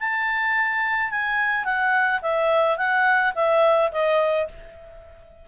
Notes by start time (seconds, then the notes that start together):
0.00 A5
1.11 G#5
1.65 F#5
2.22 E5
2.78 F#5
3.35 E5
3.92 D#5